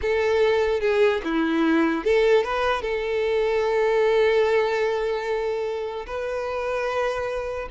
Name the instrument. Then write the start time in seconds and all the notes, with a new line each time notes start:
violin
0.01 A4
0.80 G#4
1.24 E4
2.04 A4
2.43 B4
2.81 A4
6.06 B4